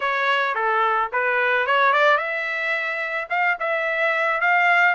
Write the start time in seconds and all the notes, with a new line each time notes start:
0.00 C#5
0.55 A4
1.12 B4
1.66 C#5
1.92 D5
2.17 E5
3.29 F5
3.59 E5
4.40 F5